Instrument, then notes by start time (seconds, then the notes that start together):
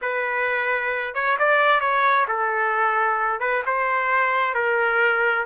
trumpet
0.01 B4
1.14 C#5
1.38 D5
1.80 C#5
2.28 A4
3.40 B4
3.65 C5
4.54 A#4